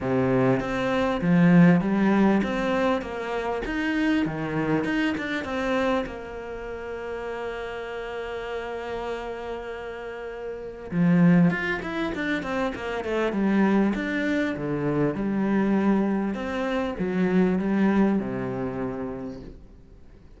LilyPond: \new Staff \with { instrumentName = "cello" } { \time 4/4 \tempo 4 = 99 c4 c'4 f4 g4 | c'4 ais4 dis'4 dis4 | dis'8 d'8 c'4 ais2~ | ais1~ |
ais2 f4 f'8 e'8 | d'8 c'8 ais8 a8 g4 d'4 | d4 g2 c'4 | fis4 g4 c2 | }